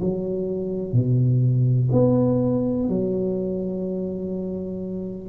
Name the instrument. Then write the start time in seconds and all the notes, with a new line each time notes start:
tuba
0.00 F#3
0.92 B2
1.92 B3
2.89 F#3